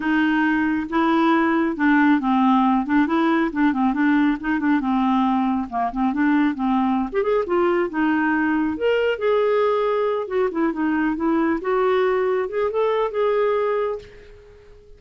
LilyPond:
\new Staff \with { instrumentName = "clarinet" } { \time 4/4 \tempo 4 = 137 dis'2 e'2 | d'4 c'4. d'8 e'4 | d'8 c'8 d'4 dis'8 d'8 c'4~ | c'4 ais8 c'8 d'4 c'4~ |
c'16 g'16 gis'8 f'4 dis'2 | ais'4 gis'2~ gis'8 fis'8 | e'8 dis'4 e'4 fis'4.~ | fis'8 gis'8 a'4 gis'2 | }